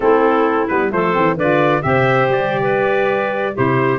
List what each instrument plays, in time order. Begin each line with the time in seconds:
0.00 tuba A3, saxophone C4, clarinet E4, trumpet A4
0.67 tuba G3, saxophone B3, trumpet B4
0.91 tuba F3, saxophone A3, clarinet A4, trumpet C5
1.13 tuba E3, saxophone C4
1.36 tuba D3, saxophone F4, clarinet B4, trumpet D5
1.81 tuba C3, saxophone G4, clarinet C5, trumpet E5
2.29 tuba G3, trumpet D5
2.62 clarinet B4
3.53 tuba C3, saxophone E4, clarinet G4, trumpet C5